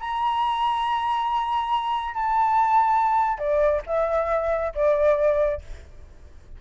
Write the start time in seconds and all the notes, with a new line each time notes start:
0.00 A#5
2.14 A5
3.38 D5
3.86 E5
4.75 D5